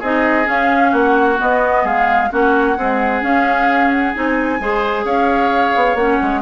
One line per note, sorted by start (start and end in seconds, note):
0.00 0.48 C4
0.00 0.45 D#4
0.00 0.91 G#4
0.00 0.49 D#5
0.45 1.36 C#4
0.45 0.93 C#4
0.45 0.95 F5
0.91 1.38 A#3
0.91 1.83 F#4
0.91 1.41 F#5
1.38 2.30 B3
1.38 1.85 B3
1.38 1.87 D#5
1.84 2.30 G#3
1.84 2.30 G#4
1.84 2.33 F5
2.30 2.77 A#3
2.30 2.76 C#4
2.30 2.77 F#4
2.30 3.24 F#5
2.77 3.21 G#3
2.77 3.23 C4
2.77 4.62 G#4
3.21 4.13 C#4
3.21 4.14 C#4
3.21 3.91 F5
3.91 4.14 F#5
4.14 4.60 C4
4.14 4.60 D#4
4.14 5.06 G#5
4.60 5.05 G#3
4.60 5.98 G#4
4.60 5.05 C5
5.05 5.74 C#4
5.05 6.42 C#5
5.05 5.96 F5
5.76 5.95 B3
5.95 6.18 A#3
5.95 6.42 C#4
5.95 6.42 F#5
6.22 6.42 G#3